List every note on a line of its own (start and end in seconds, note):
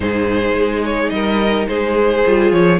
0.00 0.53 G#2
0.00 2.24 D#4
0.00 1.13 G#4
0.00 0.83 C5
0.54 1.10 G#3
0.84 1.10 C#5
1.10 1.67 G3
1.10 1.69 A#4
1.10 1.66 D#5
1.67 2.25 G#3
1.67 2.80 G#4
1.67 2.51 C5
2.25 2.52 G3
2.25 2.80 F4
2.51 2.80 F3
2.51 2.79 C#5